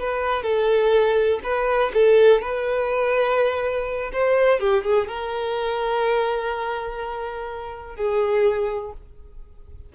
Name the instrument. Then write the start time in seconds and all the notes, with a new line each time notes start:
violin
0.00 B4
0.44 A4
1.44 B4
1.94 A4
2.42 B4
4.13 C5
4.60 G4
4.84 G#4
5.08 A#4
7.96 G#4